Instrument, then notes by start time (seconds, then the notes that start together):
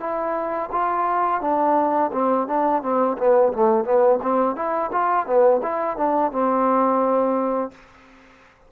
trombone
0.00 E4
0.72 F4
1.41 D4
2.12 C4
2.47 D4
2.82 C4
3.18 B3
3.53 A3
3.85 B3
4.22 C4
4.56 E4
4.92 F4
5.26 B3
5.63 E4
5.97 D4
6.32 C4